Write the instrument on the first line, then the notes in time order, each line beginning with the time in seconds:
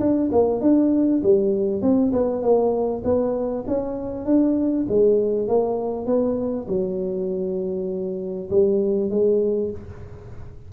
tuba
0.00 D4
0.32 A#3
0.61 D4
1.23 G3
1.82 C4
2.13 B3
2.42 A#3
3.04 B3
3.67 C#4
4.26 D4
4.89 G#3
5.48 A#3
6.06 B3
6.68 F#3
8.50 G3
9.10 G#3